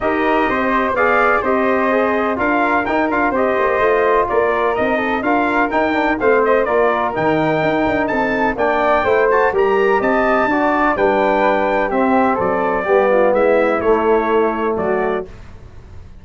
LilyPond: <<
  \new Staff \with { instrumentName = "trumpet" } { \time 4/4 \tempo 4 = 126 dis''2 f''4 dis''4~ | dis''4 f''4 g''8 f''8 dis''4~ | dis''4 d''4 dis''4 f''4 | g''4 f''8 dis''8 d''4 g''4~ |
g''4 a''4 g''4. a''8 | ais''4 a''2 g''4~ | g''4 e''4 d''2 | e''4 cis''2 d''4 | }
  \new Staff \with { instrumentName = "flute" } { \time 4/4 ais'4 c''4 d''4 c''4~ | c''4 ais'2 c''4~ | c''4 ais'4. a'8 ais'4~ | ais'4 c''4 ais'2~ |
ais'4 a'4 d''4 c''4 | ais'4 dis''4 d''4 b'4~ | b'4 g'4 a'4 g'8 f'8 | e'2. fis'4 | }
  \new Staff \with { instrumentName = "trombone" } { \time 4/4 g'2 gis'4 g'4 | gis'4 f'4 dis'8 f'8 g'4 | f'2 dis'4 f'4 | dis'8 d'8 c'4 f'4 dis'4~ |
dis'2 d'4 e'8 fis'8 | g'2 fis'4 d'4~ | d'4 c'2 b4~ | b4 a2. | }
  \new Staff \with { instrumentName = "tuba" } { \time 4/4 dis'4 c'4 b4 c'4~ | c'4 d'4 dis'8 d'8 c'8 ais8 | a4 ais4 c'4 d'4 | dis'4 a4 ais4 dis4 |
dis'8 d'8 c'4 ais4 a4 | g4 c'4 d'4 g4~ | g4 c'4 fis4 g4 | gis4 a2 fis4 | }
>>